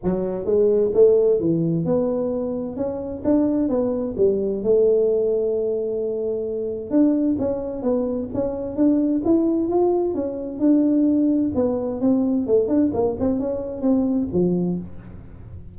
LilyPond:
\new Staff \with { instrumentName = "tuba" } { \time 4/4 \tempo 4 = 130 fis4 gis4 a4 e4 | b2 cis'4 d'4 | b4 g4 a2~ | a2. d'4 |
cis'4 b4 cis'4 d'4 | e'4 f'4 cis'4 d'4~ | d'4 b4 c'4 a8 d'8 | ais8 c'8 cis'4 c'4 f4 | }